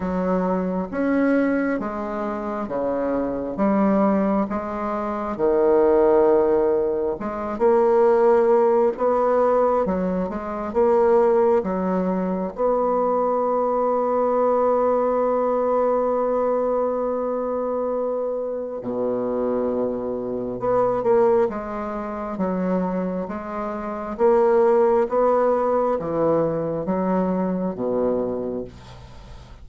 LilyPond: \new Staff \with { instrumentName = "bassoon" } { \time 4/4 \tempo 4 = 67 fis4 cis'4 gis4 cis4 | g4 gis4 dis2 | gis8 ais4. b4 fis8 gis8 | ais4 fis4 b2~ |
b1~ | b4 b,2 b8 ais8 | gis4 fis4 gis4 ais4 | b4 e4 fis4 b,4 | }